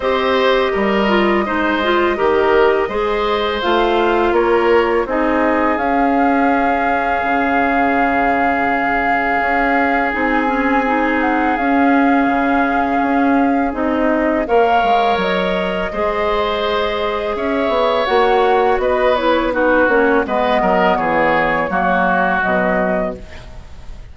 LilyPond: <<
  \new Staff \with { instrumentName = "flute" } { \time 4/4 \tempo 4 = 83 dis''1~ | dis''4 f''4 cis''4 dis''4 | f''1~ | f''2 gis''4. fis''8 |
f''2. dis''4 | f''4 dis''2. | e''4 fis''4 dis''8 cis''8 b'8 cis''8 | dis''4 cis''2 dis''4 | }
  \new Staff \with { instrumentName = "oboe" } { \time 4/4 c''4 ais'4 c''4 ais'4 | c''2 ais'4 gis'4~ | gis'1~ | gis'1~ |
gis'1 | cis''2 c''2 | cis''2 b'4 fis'4 | b'8 ais'8 gis'4 fis'2 | }
  \new Staff \with { instrumentName = "clarinet" } { \time 4/4 g'4. f'8 dis'8 f'8 g'4 | gis'4 f'2 dis'4 | cis'1~ | cis'2 dis'8 cis'8 dis'4 |
cis'2. dis'4 | ais'2 gis'2~ | gis'4 fis'4. e'8 dis'8 cis'8 | b2 ais4 fis4 | }
  \new Staff \with { instrumentName = "bassoon" } { \time 4/4 c'4 g4 gis4 dis4 | gis4 a4 ais4 c'4 | cis'2 cis2~ | cis4 cis'4 c'2 |
cis'4 cis4 cis'4 c'4 | ais8 gis8 fis4 gis2 | cis'8 b8 ais4 b4. ais8 | gis8 fis8 e4 fis4 b,4 | }
>>